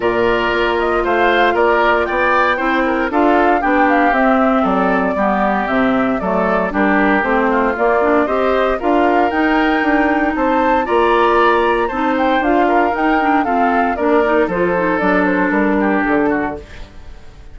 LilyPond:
<<
  \new Staff \with { instrumentName = "flute" } { \time 4/4 \tempo 4 = 116 d''4. dis''8 f''4 d''4 | g''2 f''4 g''8 f''8 | e''4 d''2 e''4 | d''4 ais'4 c''4 d''4 |
dis''4 f''4 g''2 | a''4 ais''2 a''8 g''8 | f''4 g''4 f''4 d''4 | c''4 d''8 c''8 ais'4 a'4 | }
  \new Staff \with { instrumentName = "oboe" } { \time 4/4 ais'2 c''4 ais'4 | d''4 c''8 ais'8 a'4 g'4~ | g'4 a'4 g'2 | a'4 g'4. f'4. |
c''4 ais'2. | c''4 d''2 c''4~ | c''8 ais'4. a'4 ais'4 | a'2~ a'8 g'4 fis'8 | }
  \new Staff \with { instrumentName = "clarinet" } { \time 4/4 f'1~ | f'4 e'4 f'4 d'4 | c'2 b4 c'4 | a4 d'4 c'4 ais8 d'8 |
g'4 f'4 dis'2~ | dis'4 f'2 dis'4 | f'4 dis'8 d'8 c'4 d'8 dis'8 | f'8 dis'8 d'2. | }
  \new Staff \with { instrumentName = "bassoon" } { \time 4/4 ais,4 ais4 a4 ais4 | b4 c'4 d'4 b4 | c'4 fis4 g4 c4 | fis4 g4 a4 ais4 |
c'4 d'4 dis'4 d'4 | c'4 ais2 c'4 | d'4 dis'4 f'4 ais4 | f4 fis4 g4 d4 | }
>>